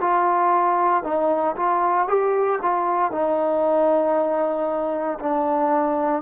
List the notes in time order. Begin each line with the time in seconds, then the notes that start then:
0.00 F4
1.03 D#4
1.57 F4
2.07 G4
2.62 F4
3.12 D#4
5.20 D4